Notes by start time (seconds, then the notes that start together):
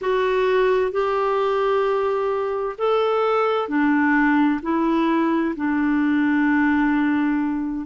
0.01 F#4
0.91 G4
2.77 A4
3.68 D4
4.62 E4
5.56 D4